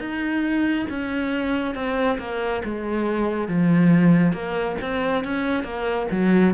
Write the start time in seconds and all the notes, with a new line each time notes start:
0.00 D#4
0.90 C#4
1.75 C4
2.19 A#3
2.64 G#3
3.48 F3
4.33 A#3
4.81 C4
5.25 C#4
5.64 A#3
6.11 F#3